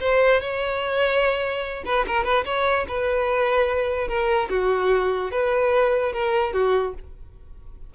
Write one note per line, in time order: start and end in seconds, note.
0.00 0.41 C5
0.41 1.83 C#5
1.85 2.06 B4
2.07 2.24 A#4
2.24 2.45 B4
2.45 2.86 C#5
2.88 4.08 B4
4.08 4.49 A#4
4.50 5.31 F#4
5.31 6.13 B4
6.13 6.53 A#4
6.53 6.94 F#4